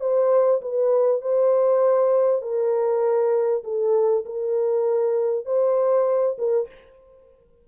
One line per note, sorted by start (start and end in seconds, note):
0.00 0.61 C5
0.61 1.21 B4
1.21 2.42 C5
2.42 3.63 A#4
3.64 4.24 A4
4.25 5.45 A#4
5.45 6.36 C5
6.38 6.68 A#4